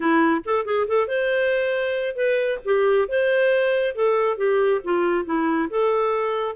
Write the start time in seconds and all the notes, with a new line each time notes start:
0.00 E4
0.45 A4
0.65 G#4
0.87 A4
1.07 C5
2.15 B4
2.64 G4
3.08 C5
3.95 A4
4.37 G4
4.84 F4
5.25 E4
5.69 A4